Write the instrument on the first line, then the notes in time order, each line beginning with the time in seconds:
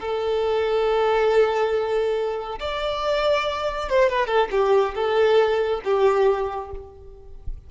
violin
0.00 A4
2.60 D5
3.89 C5
4.09 B4
4.27 A4
4.51 G4
4.95 A4
5.84 G4